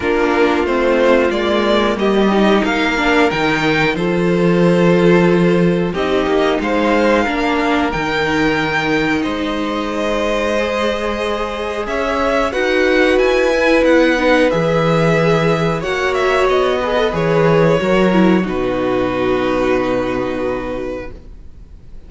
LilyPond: <<
  \new Staff \with { instrumentName = "violin" } { \time 4/4 \tempo 4 = 91 ais'4 c''4 d''4 dis''4 | f''4 g''4 c''2~ | c''4 dis''4 f''2 | g''2 dis''2~ |
dis''2 e''4 fis''4 | gis''4 fis''4 e''2 | fis''8 e''8 dis''4 cis''2 | b'1 | }
  \new Staff \with { instrumentName = "violin" } { \time 4/4 f'2. g'4 | ais'2 a'2~ | a'4 g'4 c''4 ais'4~ | ais'2 c''2~ |
c''2 cis''4 b'4~ | b'1 | cis''4. b'4. ais'4 | fis'1 | }
  \new Staff \with { instrumentName = "viola" } { \time 4/4 d'4 c'4 ais4. dis'8~ | dis'8 d'8 dis'4 f'2~ | f'4 dis'2 d'4 | dis'1 |
gis'2. fis'4~ | fis'8 e'4 dis'8 gis'2 | fis'4. gis'16 a'16 gis'4 fis'8 e'8 | dis'1 | }
  \new Staff \with { instrumentName = "cello" } { \time 4/4 ais4 a4 gis4 g4 | ais4 dis4 f2~ | f4 c'8 ais8 gis4 ais4 | dis2 gis2~ |
gis2 cis'4 dis'4 | e'4 b4 e2 | ais4 b4 e4 fis4 | b,1 | }
>>